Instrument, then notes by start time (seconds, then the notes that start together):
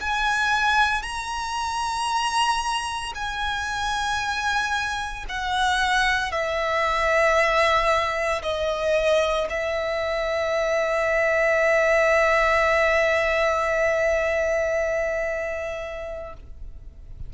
violin
0.00 G#5
1.02 A#5
3.15 G#5
5.29 F#5
6.31 E5
8.42 D#5
9.49 E5